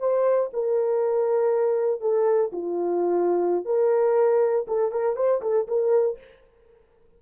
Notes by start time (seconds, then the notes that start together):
0.00 C5
0.53 A#4
2.01 A4
2.53 F4
3.65 A#4
4.68 A4
4.92 A#4
5.16 C5
5.42 A4
5.68 A#4